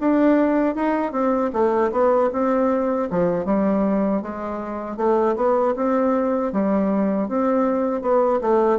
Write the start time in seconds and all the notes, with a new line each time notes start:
0.00 D4
0.75 D#4
1.12 C4
1.53 A3
1.92 B3
2.33 C4
3.10 F3
3.45 G3
4.22 G#3
4.97 A3
5.36 B3
5.76 C4
6.52 G3
7.29 C4
8.01 B3
8.41 A3